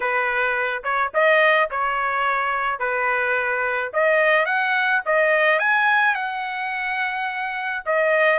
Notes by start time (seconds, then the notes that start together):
0.00 B4
0.83 C#5
1.13 D#5
1.70 C#5
2.79 B4
3.93 D#5
4.45 F#5
5.05 D#5
5.59 G#5
6.15 F#5
7.85 D#5